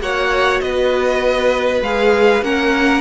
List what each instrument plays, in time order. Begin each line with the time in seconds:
0.00 cello A#3, viola F#4, violin C#5 F#5
0.60 cello B3, violin B4 D#5
1.81 cello G#3, viola G#4, violin F5
2.42 cello A#3, viola C#4, violin A#4 F#5